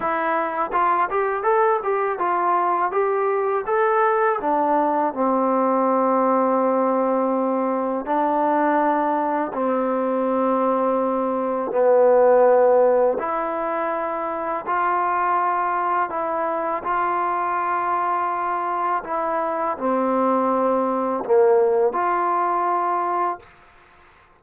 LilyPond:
\new Staff \with { instrumentName = "trombone" } { \time 4/4 \tempo 4 = 82 e'4 f'8 g'8 a'8 g'8 f'4 | g'4 a'4 d'4 c'4~ | c'2. d'4~ | d'4 c'2. |
b2 e'2 | f'2 e'4 f'4~ | f'2 e'4 c'4~ | c'4 ais4 f'2 | }